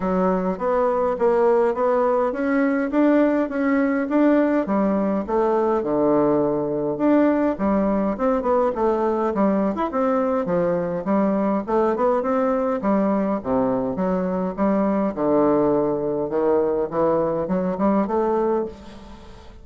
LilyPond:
\new Staff \with { instrumentName = "bassoon" } { \time 4/4 \tempo 4 = 103 fis4 b4 ais4 b4 | cis'4 d'4 cis'4 d'4 | g4 a4 d2 | d'4 g4 c'8 b8 a4 |
g8. e'16 c'4 f4 g4 | a8 b8 c'4 g4 c4 | fis4 g4 d2 | dis4 e4 fis8 g8 a4 | }